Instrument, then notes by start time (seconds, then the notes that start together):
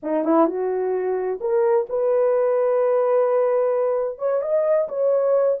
horn
0.02 D#4
0.24 E4
0.46 F#4
1.40 A#4
1.89 B4
4.18 C#5
4.41 D#5
4.88 C#5